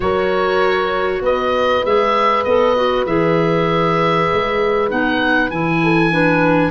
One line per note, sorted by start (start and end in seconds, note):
0.00 1.20 F#3
0.00 1.83 F#4
0.00 1.23 A#4
0.00 1.22 C#5
1.20 1.82 B3
1.20 5.82 B4
1.20 1.85 D#5
1.84 2.45 G#3
1.84 2.46 G#4
1.84 2.43 E5
2.43 3.06 B3
2.43 2.76 A4
2.43 3.05 D#5
2.76 3.06 F#4
3.06 4.28 E3
3.06 4.89 G#4
3.06 4.90 E5
4.33 4.91 G#3
4.89 5.50 B3
4.89 5.50 D#4
4.89 5.50 F#5
5.50 6.71 E3
5.50 6.11 E4
5.50 6.71 G#5
5.82 6.12 A4
6.11 6.71 D4
6.11 6.71 B4